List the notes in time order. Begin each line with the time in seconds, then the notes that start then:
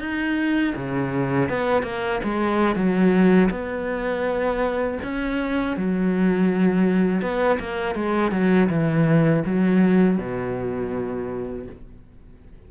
0.00 D#4
0.76 C#3
1.49 B3
1.83 A#3
2.24 G#3
2.76 F#3
3.51 B3
5.04 C#4
5.77 F#3
7.22 B3
7.60 A#3
7.96 G#3
8.32 F#3
8.70 E3
9.46 F#3
10.18 B2